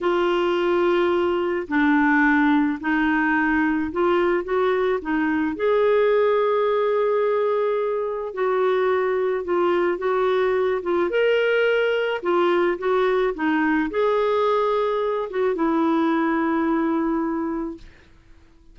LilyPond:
\new Staff \with { instrumentName = "clarinet" } { \time 4/4 \tempo 4 = 108 f'2. d'4~ | d'4 dis'2 f'4 | fis'4 dis'4 gis'2~ | gis'2. fis'4~ |
fis'4 f'4 fis'4. f'8 | ais'2 f'4 fis'4 | dis'4 gis'2~ gis'8 fis'8 | e'1 | }